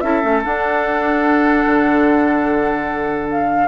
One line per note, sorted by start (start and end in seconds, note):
0.00 0.22 C#4
0.00 0.22 E4
0.00 3.67 A4
0.00 0.41 E5
0.22 0.44 A3
0.22 0.42 C#4
0.44 3.67 D4
0.44 1.66 D4
0.44 3.28 F#5
1.66 3.67 D3
3.30 3.67 F5